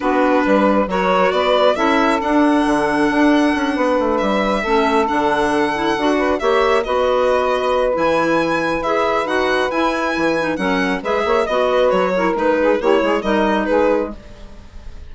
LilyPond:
<<
  \new Staff \with { instrumentName = "violin" } { \time 4/4 \tempo 4 = 136 b'2 cis''4 d''4 | e''4 fis''2.~ | fis''4. e''2 fis''8~ | fis''2~ fis''8 e''4 dis''8~ |
dis''2 gis''2 | e''4 fis''4 gis''2 | fis''4 e''4 dis''4 cis''4 | b'4 cis''4 dis''4 b'4 | }
  \new Staff \with { instrumentName = "saxophone" } { \time 4/4 fis'4 b'4 ais'4 b'4 | a'1~ | a'8 b'2 a'4.~ | a'2 b'8 cis''4 b'8~ |
b'1~ | b'1 | ais'4 b'8 cis''8 dis''8 b'4 ais'8~ | ais'8 gis'8 g'8 gis'8 ais'4 gis'4 | }
  \new Staff \with { instrumentName = "clarinet" } { \time 4/4 d'2 fis'2 | e'4 d'2.~ | d'2~ d'8 cis'4 d'8~ | d'4 e'8 fis'4 g'4 fis'8~ |
fis'2 e'2 | gis'4 fis'4 e'4. dis'8 | cis'4 gis'4 fis'4. e'8 | dis'4 e'4 dis'2 | }
  \new Staff \with { instrumentName = "bassoon" } { \time 4/4 b4 g4 fis4 b4 | cis'4 d'4 d4 d'4 | cis'8 b8 a8 g4 a4 d8~ | d4. d'4 ais4 b8~ |
b2 e2 | e'4 dis'4 e'4 e4 | fis4 gis8 ais8 b4 fis4 | gis4 ais8 gis8 g4 gis4 | }
>>